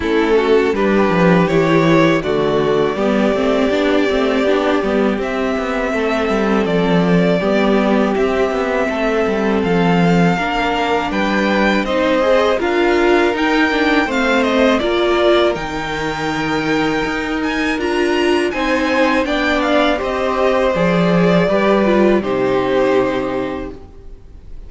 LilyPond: <<
  \new Staff \with { instrumentName = "violin" } { \time 4/4 \tempo 4 = 81 a'4 b'4 cis''4 d''4~ | d''2. e''4~ | e''4 d''2 e''4~ | e''4 f''2 g''4 |
dis''4 f''4 g''4 f''8 dis''8 | d''4 g''2~ g''8 gis''8 | ais''4 gis''4 g''8 f''8 dis''4 | d''2 c''2 | }
  \new Staff \with { instrumentName = "violin" } { \time 4/4 e'8 fis'8 g'2 fis'4 | g'1 | a'2 g'2 | a'2 ais'4 b'4 |
c''4 ais'2 c''4 | ais'1~ | ais'4 c''4 d''4 c''4~ | c''4 b'4 g'2 | }
  \new Staff \with { instrumentName = "viola" } { \time 4/4 cis'4 d'4 e'4 a4 | b8 c'8 d'8 c'8 d'8 b8 c'4~ | c'2 b4 c'4~ | c'2 d'2 |
dis'8 gis'8 f'4 dis'8 d'8 c'4 | f'4 dis'2. | f'4 dis'4 d'4 g'4 | gis'4 g'8 f'8 dis'2 | }
  \new Staff \with { instrumentName = "cello" } { \time 4/4 a4 g8 f8 e4 d4 | g8 a8 b8 a8 b8 g8 c'8 b8 | a8 g8 f4 g4 c'8 b8 | a8 g8 f4 ais4 g4 |
c'4 d'4 dis'4 a4 | ais4 dis2 dis'4 | d'4 c'4 b4 c'4 | f4 g4 c2 | }
>>